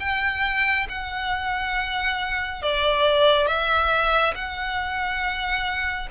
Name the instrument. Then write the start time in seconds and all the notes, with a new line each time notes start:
violin
0.00 G5
0.89 F#5
2.62 D5
3.47 E5
4.35 F#5